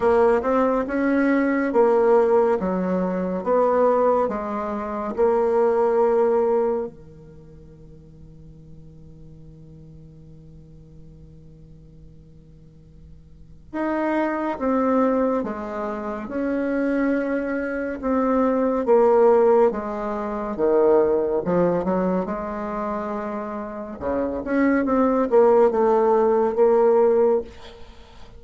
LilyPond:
\new Staff \with { instrumentName = "bassoon" } { \time 4/4 \tempo 4 = 70 ais8 c'8 cis'4 ais4 fis4 | b4 gis4 ais2 | dis1~ | dis1 |
dis'4 c'4 gis4 cis'4~ | cis'4 c'4 ais4 gis4 | dis4 f8 fis8 gis2 | cis8 cis'8 c'8 ais8 a4 ais4 | }